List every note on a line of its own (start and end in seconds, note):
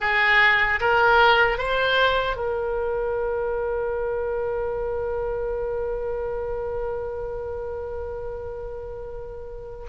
0.00 0.79 G#4
0.80 1.58 A#4
1.58 2.36 C5
2.36 9.86 A#4